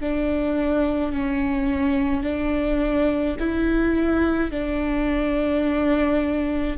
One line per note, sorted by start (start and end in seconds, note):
0.00 1.12 D4
1.12 2.23 C#4
2.23 3.36 D4
3.39 4.51 E4
4.51 6.77 D4